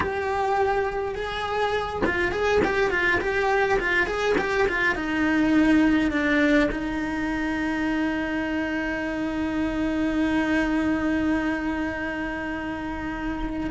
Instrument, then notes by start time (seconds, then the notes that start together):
cello
0.00 G4
1.14 G#4
2.05 F4
2.31 G#4
2.64 G4
2.90 F4
3.20 G4
3.79 F4
4.06 G#4
4.37 G4
4.68 F4
4.95 D#4
6.11 D4
6.71 D#4